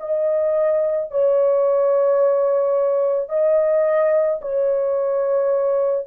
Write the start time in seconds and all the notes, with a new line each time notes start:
0.00 D#5
1.11 C#5
3.29 D#5
4.42 C#5